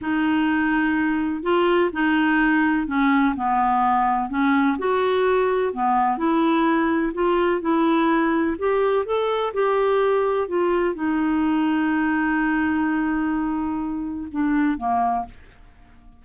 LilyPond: \new Staff \with { instrumentName = "clarinet" } { \time 4/4 \tempo 4 = 126 dis'2. f'4 | dis'2 cis'4 b4~ | b4 cis'4 fis'2 | b4 e'2 f'4 |
e'2 g'4 a'4 | g'2 f'4 dis'4~ | dis'1~ | dis'2 d'4 ais4 | }